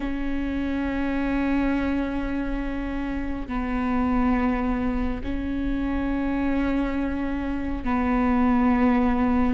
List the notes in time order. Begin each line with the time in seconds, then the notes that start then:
0.00 C#4
3.47 B3
5.23 C#4
7.84 B3